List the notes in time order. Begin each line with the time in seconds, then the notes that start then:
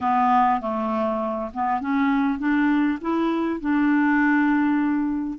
0.00 B3
0.61 A3
1.54 B3
1.81 C#4
2.38 D4
3.01 E4
3.60 D4